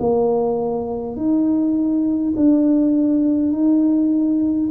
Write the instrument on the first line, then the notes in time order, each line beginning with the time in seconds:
tuba
0.00 A#3
1.16 D#4
2.36 D4
3.52 D#4